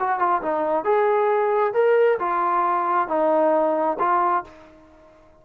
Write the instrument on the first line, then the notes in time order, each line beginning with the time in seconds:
trombone
0.00 F#4
0.20 F4
0.42 D#4
0.85 G#4
1.74 A#4
2.19 F4
3.08 D#4
3.99 F4